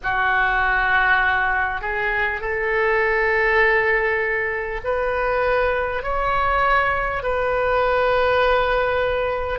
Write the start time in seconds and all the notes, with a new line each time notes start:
0.03 F#4
1.81 G#4
2.40 A4
4.83 B4
6.02 C#5
7.23 B4